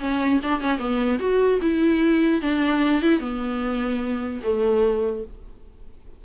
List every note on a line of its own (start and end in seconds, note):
0.00 0.40 C#4
0.43 0.61 D4
0.61 0.79 C#4
0.79 1.19 B3
1.20 1.60 F#4
1.62 2.42 E4
2.42 3.02 D4
3.03 3.20 E4
3.20 4.41 B3
4.44 5.24 A3